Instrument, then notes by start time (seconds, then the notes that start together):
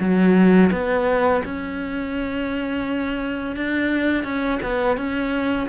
cello
0.00 F#3
0.72 B3
1.45 C#4
3.56 D4
4.24 C#4
4.63 B3
4.97 C#4